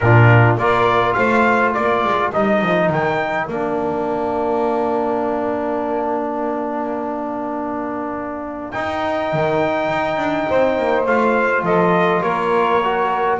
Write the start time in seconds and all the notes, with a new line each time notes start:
0.00 A#2 D4 F4 A#4
0.57 A#3 F4 A#4 D5
1.13 A3 C5 F5
1.73 A#3 A#4 D5
2.04 G#3
2.32 G3 D#4 D#5
2.61 F3
2.89 D#3 G5
3.47 A#3 D4 F5
8.71 D#4 G5
9.32 D#3
9.88 D#4
10.17 D4
10.49 C4 C5
10.78 A#3
11.06 A3 F4 F5
11.62 F3 A4 D#5
12.21 A#3 A#4 C#5
12.83 F#4